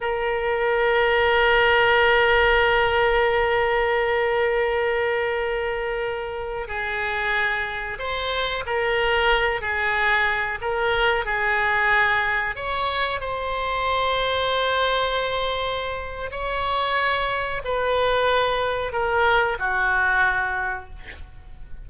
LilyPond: \new Staff \with { instrumentName = "oboe" } { \time 4/4 \tempo 4 = 92 ais'1~ | ais'1~ | ais'2~ ais'16 gis'4.~ gis'16~ | gis'16 c''4 ais'4. gis'4~ gis'16~ |
gis'16 ais'4 gis'2 cis''8.~ | cis''16 c''2.~ c''8.~ | c''4 cis''2 b'4~ | b'4 ais'4 fis'2 | }